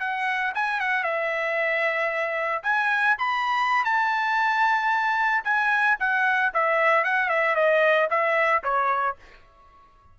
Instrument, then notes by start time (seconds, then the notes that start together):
trumpet
0.00 F#5
0.55 G#5
0.81 F#5
1.04 E5
2.64 G#5
3.19 B5
3.85 A5
5.44 G#5
6.00 F#5
6.54 E5
7.05 F#5
7.29 E5
7.56 D#5
8.10 E5
8.64 C#5